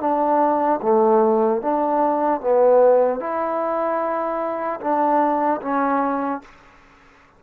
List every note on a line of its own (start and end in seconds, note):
0.00 0.80 D4
0.82 1.62 A3
1.62 2.41 D4
2.41 3.20 B3
3.20 4.80 E4
4.81 5.61 D4
5.62 6.42 C#4